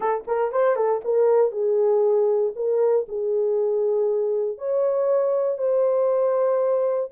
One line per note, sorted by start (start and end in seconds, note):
0.00 0.24 A4
0.27 0.52 A#4
0.52 0.75 C5
0.75 1.01 A4
1.04 1.51 A#4
1.51 2.53 G#4
2.55 3.06 A#4
3.08 4.58 G#4
4.58 5.58 C#5
5.58 7.10 C5